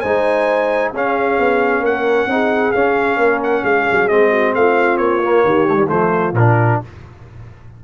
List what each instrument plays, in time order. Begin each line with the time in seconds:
0.00 tuba G#3, trombone D#4, horn C5, trumpet G#5
0.92 tuba C#4, trombone C#4, horn G#4, trumpet F5
1.38 tuba B3
1.79 tuba A#3, horn A#4, trumpet F#5
2.26 tuba C4, trombone D#4, horn G#4
2.71 tuba C#4, trombone C#4, trumpet F5
3.16 tuba A#3, horn A#4
3.43 trumpet F#5
3.62 tuba G#3, horn G#4, trumpet F5
3.91 tuba F#3
4.08 tuba G#3, trombone C4, trumpet D#5
4.30 horn F#4
4.54 tuba A3, horn F4, trumpet F5
4.97 tuba A#3, trumpet C#5
5.23 trombone A#3
5.44 tuba D#3, horn G4
5.68 trombone A3
5.75 trombone G3
5.88 tuba F3, trombone A3, horn F4, trumpet C5
6.32 tuba A#2, trumpet A#4
6.38 trombone D4